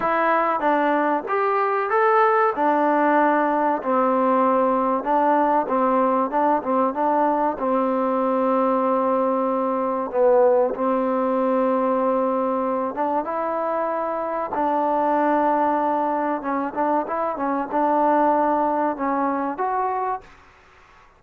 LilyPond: \new Staff \with { instrumentName = "trombone" } { \time 4/4 \tempo 4 = 95 e'4 d'4 g'4 a'4 | d'2 c'2 | d'4 c'4 d'8 c'8 d'4 | c'1 |
b4 c'2.~ | c'8 d'8 e'2 d'4~ | d'2 cis'8 d'8 e'8 cis'8 | d'2 cis'4 fis'4 | }